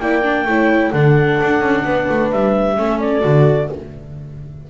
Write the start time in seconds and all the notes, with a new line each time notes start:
0.00 A#3 E4 D5 G5
0.23 D4
0.45 A3 E4 C#5
0.92 D3 D4 A4 F#5
1.41 D4
1.61 C#4
1.85 B3 B4
2.10 A3
2.32 G3 E5
2.76 A3 C#4 A4
3.00 D5
3.21 D3 F#4